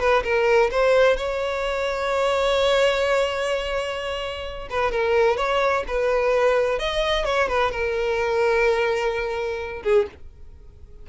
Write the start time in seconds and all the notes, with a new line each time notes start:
0.00 B4
0.24 A#4
0.72 C5
1.17 C#5
4.70 B4
4.92 A#4
5.38 C#5
5.88 B4
6.79 D#5
7.25 C#5
7.49 B4
7.72 A#4
9.84 G#4